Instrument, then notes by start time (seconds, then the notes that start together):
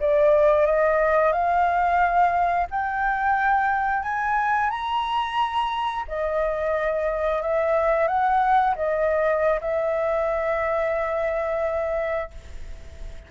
flute
0.00 D5
0.66 D#5
1.32 F5
2.71 G5
4.03 G#5
4.70 A#5
6.08 D#5
7.42 E5
8.07 F#5
8.76 D#5
9.61 E5